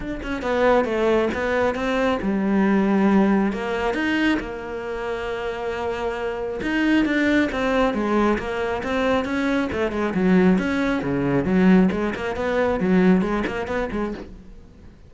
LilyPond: \new Staff \with { instrumentName = "cello" } { \time 4/4 \tempo 4 = 136 d'8 cis'8 b4 a4 b4 | c'4 g2. | ais4 dis'4 ais2~ | ais2. dis'4 |
d'4 c'4 gis4 ais4 | c'4 cis'4 a8 gis8 fis4 | cis'4 cis4 fis4 gis8 ais8 | b4 fis4 gis8 ais8 b8 gis8 | }